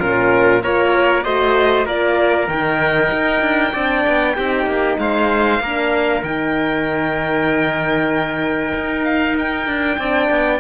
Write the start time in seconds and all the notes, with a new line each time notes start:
0.00 A#2 C#4 F4 A#4
0.62 A#3 F4 A#4 C#5
1.24 A3 F#4 C5 D#5
1.86 A#3 F4 A#4 D5
2.48 D#3 D#4 G5
3.12 D#4
3.42 D4
3.73 C4 D4 D5
4.07 B3
4.37 C4 D#4 G4
4.67 A#3
4.99 G#3 C5 F5
5.60 A#3 D4 A#4
6.24 D#3 D#4 G5
8.75 D#4
9.05 F5
9.39 G5
9.67 D4
9.99 C4 D4 D5
10.31 B3